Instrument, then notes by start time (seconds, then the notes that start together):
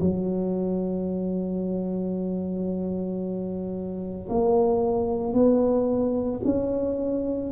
tuba
0.00 F#3
4.29 A#3
5.33 B3
6.44 C#4